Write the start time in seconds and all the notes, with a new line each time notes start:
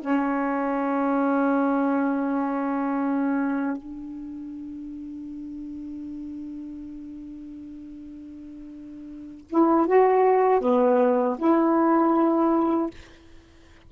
0.00 C#4
3.77 D4
9.49 E4
9.87 F#4
10.60 B3
11.38 E4